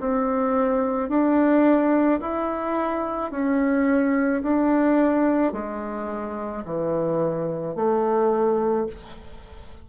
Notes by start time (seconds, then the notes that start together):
0.00 C4
1.09 D4
2.20 E4
3.31 C#4
4.42 D4
5.53 G#3
6.65 E3
7.75 A3